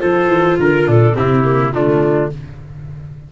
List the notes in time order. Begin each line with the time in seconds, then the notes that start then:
0.00 F3 F4 A4 C5
0.27 E3
0.59 D3 A#4
0.87 A#2 D4 A4
1.14 C3 C4 E4 G4
1.45 A#3
1.72 D3 A3 D4 F4